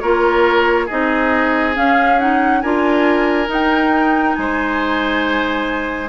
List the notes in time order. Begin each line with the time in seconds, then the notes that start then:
0.00 A#3 F4 A#4 C#5
0.86 C4 D#4 G#4 D#5
1.75 C#4 F5
2.19 D#4 F#5
2.61 D4 F4 A#4 G#5
3.47 D#4 G5
4.35 G#3 C5 G#5